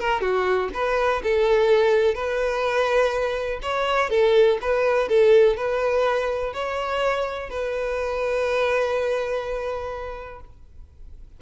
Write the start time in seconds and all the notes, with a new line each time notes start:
0.00 A#4
0.21 F#4
0.75 B4
1.24 A4
2.15 B4
3.63 C#5
4.10 A4
4.62 B4
5.09 A4
5.57 B4
6.54 C#5
7.50 B4